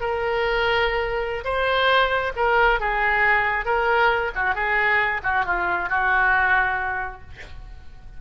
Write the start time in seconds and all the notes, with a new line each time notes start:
0.00 A#4
1.44 C5
2.36 A#4
2.80 G#4
3.65 A#4
4.35 F#4
4.55 G#4
5.23 F#4
5.45 F4
5.89 F#4